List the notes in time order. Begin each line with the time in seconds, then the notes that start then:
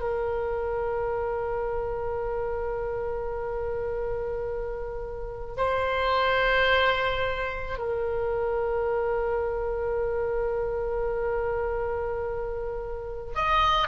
0.00 A#4
5.57 C5
7.78 A#4
13.35 D#5